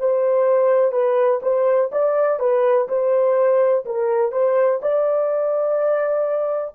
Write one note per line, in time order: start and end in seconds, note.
0.00 0.92 C5
0.92 1.41 B4
1.43 1.91 C5
1.92 2.40 D5
2.40 2.88 B4
2.89 3.85 C5
3.86 4.32 A#4
4.32 4.81 C5
4.82 6.76 D5